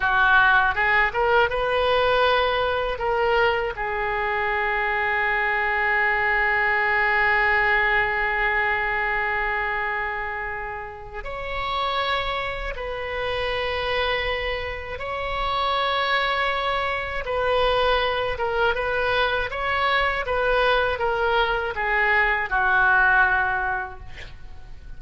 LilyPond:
\new Staff \with { instrumentName = "oboe" } { \time 4/4 \tempo 4 = 80 fis'4 gis'8 ais'8 b'2 | ais'4 gis'2.~ | gis'1~ | gis'2. cis''4~ |
cis''4 b'2. | cis''2. b'4~ | b'8 ais'8 b'4 cis''4 b'4 | ais'4 gis'4 fis'2 | }